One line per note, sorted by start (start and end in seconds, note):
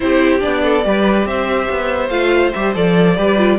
0.00 0.43 C4
0.00 0.39 E4
0.00 0.63 G4
0.00 0.41 C5
0.39 0.85 B3
0.39 0.82 D4
0.39 1.26 D5
0.63 0.84 A4
0.83 1.25 G3
0.83 2.09 G4
0.83 1.28 B4
1.25 1.67 C4
1.25 3.16 C5
1.25 2.09 E5
1.70 2.09 B3
2.09 2.52 A3
2.09 2.52 F4
2.09 2.51 F5
2.52 2.75 G3
2.52 2.74 G4
2.52 2.73 E5
2.74 3.17 F3
2.74 3.16 A4
2.74 3.58 D5
3.16 3.58 G3
3.16 3.37 G4
3.16 3.58 B4
3.37 3.58 F4